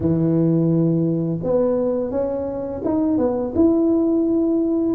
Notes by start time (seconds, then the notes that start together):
0.00 E3
1.43 B3
2.10 C#4
2.84 D#4
3.18 B3
3.55 E4